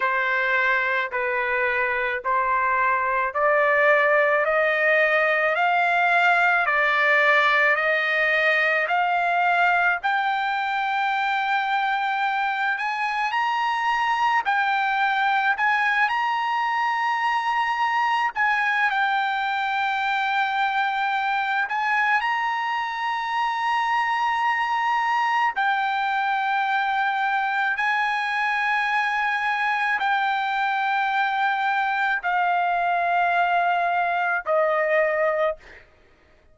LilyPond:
\new Staff \with { instrumentName = "trumpet" } { \time 4/4 \tempo 4 = 54 c''4 b'4 c''4 d''4 | dis''4 f''4 d''4 dis''4 | f''4 g''2~ g''8 gis''8 | ais''4 g''4 gis''8 ais''4.~ |
ais''8 gis''8 g''2~ g''8 gis''8 | ais''2. g''4~ | g''4 gis''2 g''4~ | g''4 f''2 dis''4 | }